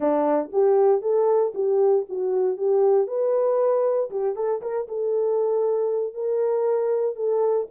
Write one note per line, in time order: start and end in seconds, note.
0.00 0.50 D4
0.52 1.01 G4
1.01 1.52 A4
1.54 2.05 G4
2.09 2.57 F#4
2.57 3.07 G4
3.07 4.10 B4
4.10 4.35 G4
4.35 4.61 A4
4.61 4.87 A#4
4.87 6.14 A4
6.14 7.15 A#4
7.15 7.67 A4